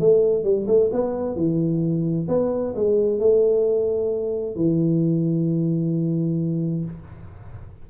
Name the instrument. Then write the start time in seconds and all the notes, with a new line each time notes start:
tuba
0.00 A3
0.44 G3
0.67 A3
0.92 B3
1.36 E3
2.29 B3
2.75 G#3
3.20 A3
4.56 E3